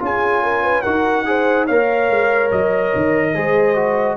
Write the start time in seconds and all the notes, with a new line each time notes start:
0.00 C#4 F4 G#4 G#5
0.43 A#4
0.63 B4
0.82 D#4 F#4 A#4 F#5
1.26 G#4 C5
1.67 A#3 A#4 C#5 F5
2.10 G#3
2.52 F#3 D#5
2.96 D#3
3.35 G#3 G#4 C5
3.76 F#4